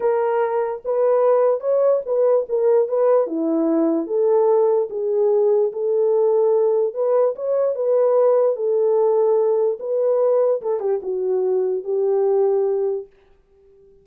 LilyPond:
\new Staff \with { instrumentName = "horn" } { \time 4/4 \tempo 4 = 147 ais'2 b'2 | cis''4 b'4 ais'4 b'4 | e'2 a'2 | gis'2 a'2~ |
a'4 b'4 cis''4 b'4~ | b'4 a'2. | b'2 a'8 g'8 fis'4~ | fis'4 g'2. | }